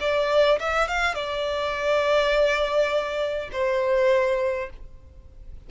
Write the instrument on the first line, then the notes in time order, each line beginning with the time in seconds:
violin
0.00 D5
0.59 E5
0.88 F5
1.14 D5
3.52 C5